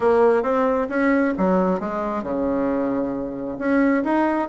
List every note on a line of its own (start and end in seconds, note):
0.00 0.43 A#3
0.43 0.87 C4
0.89 1.33 C#4
1.37 1.80 F#3
1.80 2.23 G#3
2.23 3.57 C#3
3.58 4.03 C#4
4.04 4.48 D#4